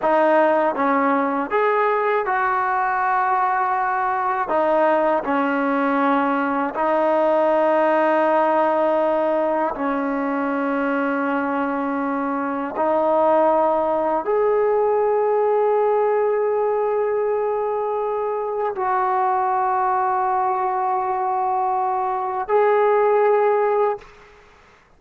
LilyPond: \new Staff \with { instrumentName = "trombone" } { \time 4/4 \tempo 4 = 80 dis'4 cis'4 gis'4 fis'4~ | fis'2 dis'4 cis'4~ | cis'4 dis'2.~ | dis'4 cis'2.~ |
cis'4 dis'2 gis'4~ | gis'1~ | gis'4 fis'2.~ | fis'2 gis'2 | }